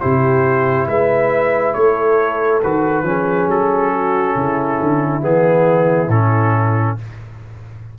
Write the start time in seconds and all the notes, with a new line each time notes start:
0.00 C3 E4 G4 C5
0.87 G#3 B4 E5
1.74 A3 A4 C#5
2.63 D#3 F#4 B4
3.03 F3 C#4 G#4
3.48 F#3 A4
3.93 F#4
4.36 C#3 E4
4.81 D3
5.21 E3 B3 G#4
6.08 A2 C#4 A4